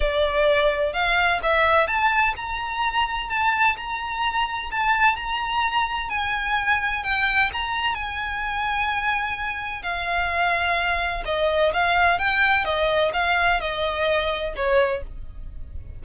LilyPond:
\new Staff \with { instrumentName = "violin" } { \time 4/4 \tempo 4 = 128 d''2 f''4 e''4 | a''4 ais''2 a''4 | ais''2 a''4 ais''4~ | ais''4 gis''2 g''4 |
ais''4 gis''2.~ | gis''4 f''2. | dis''4 f''4 g''4 dis''4 | f''4 dis''2 cis''4 | }